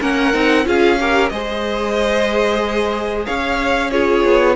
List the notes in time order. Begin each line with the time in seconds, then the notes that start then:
0.00 A#3 C#4 A#4 F#5
0.33 C4 D#4
0.65 C#4 F4 G#4 F5
1.00 G4 A#4
1.29 G#3 G#4 C5 D#5
3.26 C#4 C#5 F5
3.91 F4 G#4 C#5
4.25 B3